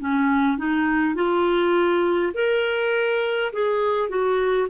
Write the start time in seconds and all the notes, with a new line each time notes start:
0.00 C#4
0.58 D#4
1.16 F4
2.34 A#4
3.53 G#4
4.10 F#4